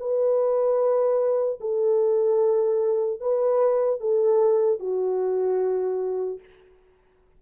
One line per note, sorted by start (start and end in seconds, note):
0.00 1.60 B4
1.60 3.20 A4
3.21 4.00 B4
4.00 4.80 A4
4.80 6.40 F#4